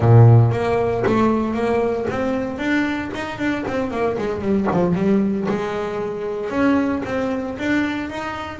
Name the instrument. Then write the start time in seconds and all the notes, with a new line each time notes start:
double bass
0.00 A#2
0.51 A#3
1.06 A3
1.54 A#3
2.09 C4
2.58 D4
3.14 D#4
3.38 D4
3.67 C4
3.90 A#3
4.18 G#3
4.41 G3
4.71 F3
4.94 G3
5.48 G#3
6.50 C#4
7.05 C4
7.58 D4
8.10 D#4